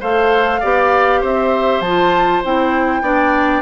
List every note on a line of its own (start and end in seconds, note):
0.00 0.62 A3
0.00 0.61 A4
0.00 0.60 C5
0.00 1.23 F5
0.60 1.22 B3
0.60 1.84 G4
0.60 1.20 D5
1.20 1.81 C4
1.20 3.02 C5
1.20 1.81 E5
1.81 2.41 F3
1.81 2.44 F4
1.81 2.42 A5
2.44 3.01 C4
2.44 3.02 E4
2.44 3.62 G5
3.01 3.62 B3
3.01 3.62 D4
3.01 3.62 D5